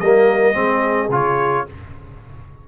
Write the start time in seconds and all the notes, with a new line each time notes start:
0.00 G3 A#3 A#4 D#5
0.54 G#3 C4 G#4
1.09 C#3 F4 C#5